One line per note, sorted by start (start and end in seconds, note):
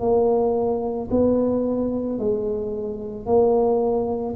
0.00 1.09 A#3
1.11 2.19 B3
2.19 3.26 G#3
3.26 4.35 A#3